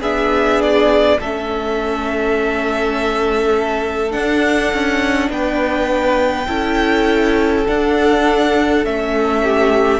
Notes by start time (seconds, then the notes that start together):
0.00 B3 D4 G#4 E5
0.61 D5
1.19 A3 C#4 A4 E5
4.10 D4 F#5
4.73 C#4
5.29 B3 B4 G5
6.47 C#4 E4 A4
7.66 D4 F#5
8.85 A3 C#4 E5
9.43 G4